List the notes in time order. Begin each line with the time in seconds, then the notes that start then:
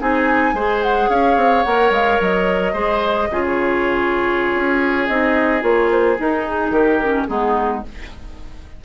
0.00 C4 D#4 G#4 G#5
0.54 G#3 G#4 C5
0.83 F#5
1.10 C#4 C#5 F5
1.37 C4
1.64 A#3 A#4 F#5
1.91 G#3 F5
2.21 F#3 D#5
2.73 G#3 G#4 C5
3.31 C#3 F4 G#4
3.47 C#5
4.56 C#4
5.08 C4 D#4 D#5
5.61 A#3 F4 C#5
5.92 C5
6.19 D#4 A#4
6.48 G#4
6.71 D#3 G4 A#4
7.03 C#4
7.28 G#3 B3 D#4 G#4